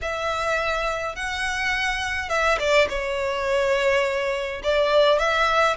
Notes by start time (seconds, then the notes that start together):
0.01 E5
1.15 F#5
2.29 E5
2.59 D5
2.89 C#5
4.63 D5
5.18 E5